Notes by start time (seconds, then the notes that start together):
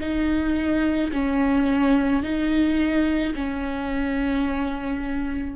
0.00 D#4
1.12 C#4
2.22 D#4
3.35 C#4